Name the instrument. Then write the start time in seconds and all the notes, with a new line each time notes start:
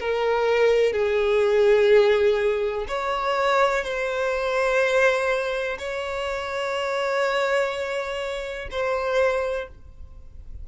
violin
0.00 A#4
0.93 G#4
2.88 C#5
3.84 C5
5.79 C#5
8.71 C5